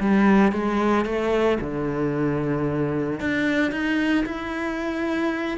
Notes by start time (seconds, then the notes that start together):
0.00 G3
0.52 G#3
1.05 A3
1.60 D3
3.20 D4
3.71 D#4
4.25 E4